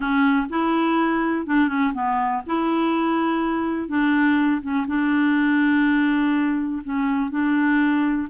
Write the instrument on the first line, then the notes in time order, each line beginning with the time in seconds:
clarinet
0.00 C#4
0.49 E4
1.46 D4
1.68 C#4
1.93 B3
2.46 E4
3.88 D4
4.61 C#4
4.87 D4
6.83 C#4
7.30 D4